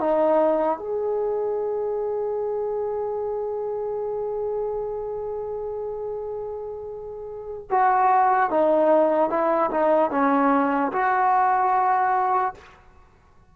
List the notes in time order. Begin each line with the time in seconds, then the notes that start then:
0.00 D#4
0.79 G#4
7.70 F#4
8.51 D#4
9.30 E4
9.71 D#4
10.11 C#4
10.92 F#4